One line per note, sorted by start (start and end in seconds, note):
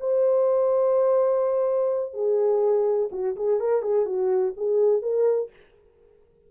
0.00 2.14 C5
2.14 3.10 G#4
3.12 3.36 F#4
3.36 3.60 G#4
3.60 3.82 A#4
3.82 4.06 G#4
4.06 4.54 F#4
4.57 5.02 G#4
5.02 5.50 A#4